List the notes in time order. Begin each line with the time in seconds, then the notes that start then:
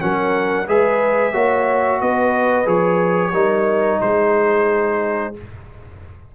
0.00 F#3 C#4 A#4 F#5
0.67 G#3 G#4 B4 E5
1.33 A#3 F#4 C#5
2.01 B3 B4 D#5
2.66 F3 G#4 C#5
3.33 G3 D#4 A#4
4.01 G#3 G#4 C5